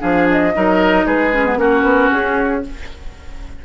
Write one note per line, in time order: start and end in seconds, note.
0.00 0.55 F3
0.00 0.52 D4
0.00 0.52 G#4
0.00 0.28 F5
0.31 1.07 D#5
0.55 1.06 F#3
0.55 1.33 D#4
0.55 1.06 A#4
1.06 1.57 G#3
1.06 1.58 G#4
1.06 1.59 B4
1.33 1.46 C#4
1.46 1.58 B3
1.57 1.82 A#3
1.57 2.62 C#4
1.57 2.64 F#4
1.57 2.11 A#4
1.82 2.08 B3
2.11 2.65 C#4
2.11 2.63 G#4